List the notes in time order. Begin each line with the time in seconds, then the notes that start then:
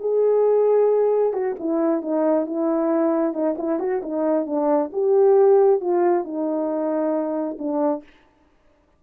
0.00 G#4
1.33 F#4
1.59 E4
2.02 D#4
2.46 E4
3.34 D#4
3.58 E4
3.80 F#4
4.03 D#4
4.46 D4
4.93 G4
5.81 F4
6.24 D#4
7.59 D4